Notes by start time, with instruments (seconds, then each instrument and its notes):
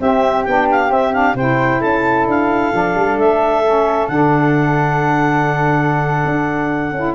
0.00 tuba C4, saxophone C4, flute G4, clarinet E5
0.44 tuba B3, saxophone D4, clarinet G5
0.71 clarinet F5
0.89 saxophone C4, tuba C4, clarinet E5
1.13 saxophone D4, clarinet F5
1.34 tuba C3, saxophone E4, flute C5, clarinet G5
1.81 tuba C#4, flute A4, clarinet A5
2.27 tuba D4, clarinet F5
2.72 tuba F3, saxophone D4
2.95 tuba G3
3.17 tuba A3, clarinet E5
3.65 saxophone C#4
4.07 tuba D3, saxophone D4, clarinet F#5
6.25 tuba D4
6.92 tuba C#4, saxophone E4